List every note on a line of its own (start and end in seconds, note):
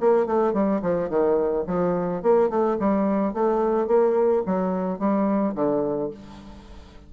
0.00 0.26 A#3
0.26 0.53 A3
0.53 0.81 G3
0.82 1.09 F3
1.09 1.65 D#3
1.67 2.22 F3
2.23 2.50 A#3
2.50 2.78 A3
2.80 3.34 G3
3.34 3.88 A3
3.88 4.43 A#3
4.46 4.99 F#3
4.99 5.54 G3
5.55 6.11 D3